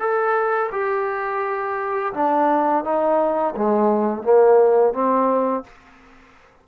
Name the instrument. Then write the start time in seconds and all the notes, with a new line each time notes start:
trombone
0.00 A4
0.73 G4
2.14 D4
2.84 D#4
3.57 G#3
4.23 A#3
4.94 C4